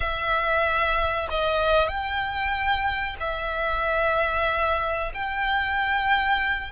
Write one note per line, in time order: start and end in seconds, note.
0.00 1.27 E5
1.30 1.87 D#5
1.87 3.15 G5
3.19 5.11 E5
5.14 6.71 G5